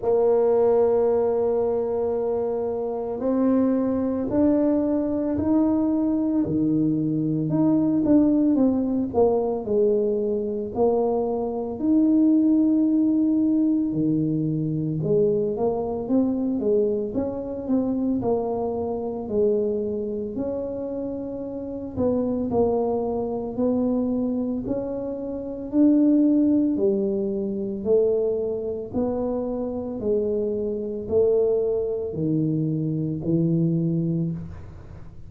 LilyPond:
\new Staff \with { instrumentName = "tuba" } { \time 4/4 \tempo 4 = 56 ais2. c'4 | d'4 dis'4 dis4 dis'8 d'8 | c'8 ais8 gis4 ais4 dis'4~ | dis'4 dis4 gis8 ais8 c'8 gis8 |
cis'8 c'8 ais4 gis4 cis'4~ | cis'8 b8 ais4 b4 cis'4 | d'4 g4 a4 b4 | gis4 a4 dis4 e4 | }